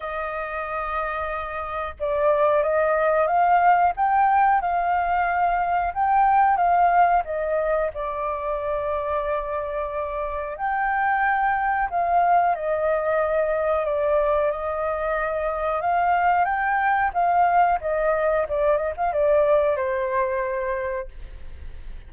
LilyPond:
\new Staff \with { instrumentName = "flute" } { \time 4/4 \tempo 4 = 91 dis''2. d''4 | dis''4 f''4 g''4 f''4~ | f''4 g''4 f''4 dis''4 | d''1 |
g''2 f''4 dis''4~ | dis''4 d''4 dis''2 | f''4 g''4 f''4 dis''4 | d''8 dis''16 f''16 d''4 c''2 | }